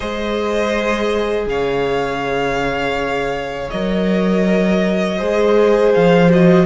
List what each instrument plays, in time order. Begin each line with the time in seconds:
0.00 cello G#3, viola G#4, violin C5 D#5
1.46 cello C#3, violin C#5 F5
3.70 cello F#3, viola A#4, violin D#5
5.17 cello G#3, viola G#4, violin C5
5.94 cello F3, violin F5
6.29 viola F#4, violin D#5